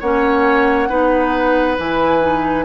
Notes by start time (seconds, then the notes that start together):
0.00 A#3 C#4 C#5 F#5
0.89 B3 D#4 B4
1.77 E3 E4 G#5
2.21 D#4